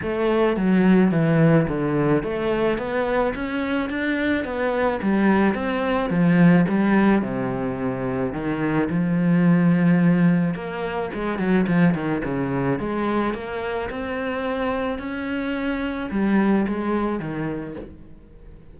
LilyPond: \new Staff \with { instrumentName = "cello" } { \time 4/4 \tempo 4 = 108 a4 fis4 e4 d4 | a4 b4 cis'4 d'4 | b4 g4 c'4 f4 | g4 c2 dis4 |
f2. ais4 | gis8 fis8 f8 dis8 cis4 gis4 | ais4 c'2 cis'4~ | cis'4 g4 gis4 dis4 | }